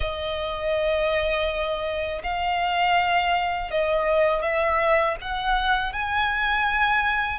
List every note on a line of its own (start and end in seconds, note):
0.00 2.22 D#5
2.23 3.70 F5
3.70 4.41 D#5
4.41 5.15 E5
5.21 5.93 F#5
5.93 7.39 G#5